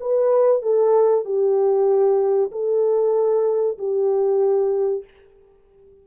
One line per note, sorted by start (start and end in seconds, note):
0.00 0.62 B4
0.62 1.25 A4
1.25 2.51 G4
2.51 3.78 A4
3.78 5.04 G4